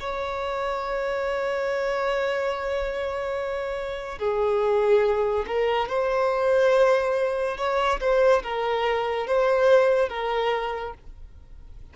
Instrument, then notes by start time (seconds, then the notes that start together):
violin
0.00 C#5
4.19 G#4
5.47 A#4
5.89 C5
7.58 C#5
8.01 C5
8.43 A#4
9.27 C5
10.09 A#4